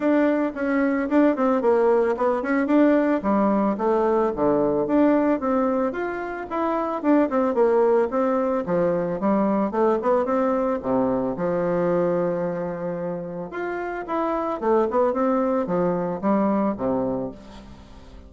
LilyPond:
\new Staff \with { instrumentName = "bassoon" } { \time 4/4 \tempo 4 = 111 d'4 cis'4 d'8 c'8 ais4 | b8 cis'8 d'4 g4 a4 | d4 d'4 c'4 f'4 | e'4 d'8 c'8 ais4 c'4 |
f4 g4 a8 b8 c'4 | c4 f2.~ | f4 f'4 e'4 a8 b8 | c'4 f4 g4 c4 | }